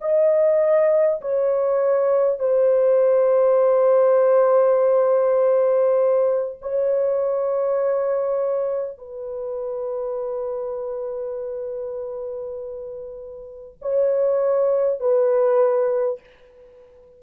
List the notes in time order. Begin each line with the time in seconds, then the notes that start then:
0.00 D#5
1.21 C#5
2.39 C5
6.61 C#5
8.97 B4
13.81 C#5
15.00 B4